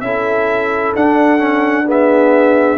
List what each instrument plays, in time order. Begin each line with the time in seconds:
0.00 tuba C#4, trombone E4, horn A4, trumpet E5
0.95 tuba D4, trombone D4, trumpet F#5
1.38 trombone C#4
1.86 trombone B3, horn G#4, trumpet E5